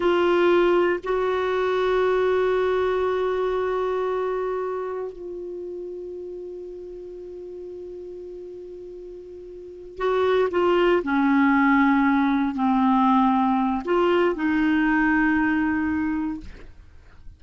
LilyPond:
\new Staff \with { instrumentName = "clarinet" } { \time 4/4 \tempo 4 = 117 f'2 fis'2~ | fis'1~ | fis'2 f'2~ | f'1~ |
f'2.~ f'8 fis'8~ | fis'8 f'4 cis'2~ cis'8~ | cis'8 c'2~ c'8 f'4 | dis'1 | }